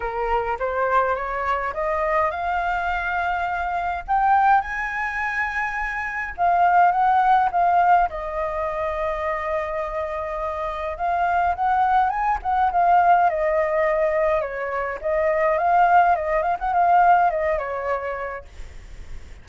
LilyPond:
\new Staff \with { instrumentName = "flute" } { \time 4/4 \tempo 4 = 104 ais'4 c''4 cis''4 dis''4 | f''2. g''4 | gis''2. f''4 | fis''4 f''4 dis''2~ |
dis''2. f''4 | fis''4 gis''8 fis''8 f''4 dis''4~ | dis''4 cis''4 dis''4 f''4 | dis''8 f''16 fis''16 f''4 dis''8 cis''4. | }